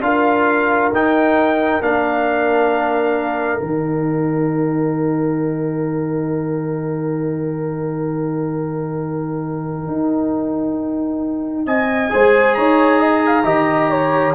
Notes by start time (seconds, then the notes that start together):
0.00 D4 F4 A#4 F5
0.92 D#4 G5
1.81 A#3 D4 F5
3.59 D#3 D#4 G5
9.87 D#4
11.66 C4 D#5 G#5
12.09 G#3 G#4 C5
12.54 D#4 C#5 A#5
13.00 D#5
13.26 F5
13.44 D#3 G4 D#5
13.90 C#5